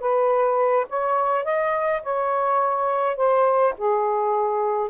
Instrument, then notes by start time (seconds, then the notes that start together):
saxophone
0.00 B4
0.89 C#5
1.44 D#5
2.03 C#5
3.17 C5
3.78 G#4